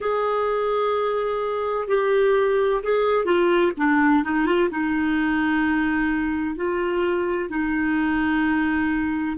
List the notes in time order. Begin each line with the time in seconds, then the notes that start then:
0.00 G#4
1.87 G4
2.83 G#4
3.25 F4
3.77 D4
4.24 D#4
4.45 F4
4.70 D#4
6.55 F4
7.49 D#4